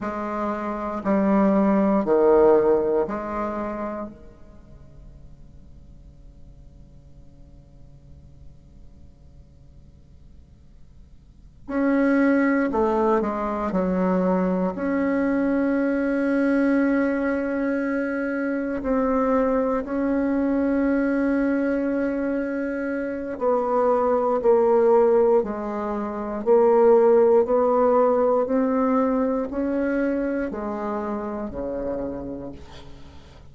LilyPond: \new Staff \with { instrumentName = "bassoon" } { \time 4/4 \tempo 4 = 59 gis4 g4 dis4 gis4 | cis1~ | cis2.~ cis8 cis'8~ | cis'8 a8 gis8 fis4 cis'4.~ |
cis'2~ cis'8 c'4 cis'8~ | cis'2. b4 | ais4 gis4 ais4 b4 | c'4 cis'4 gis4 cis4 | }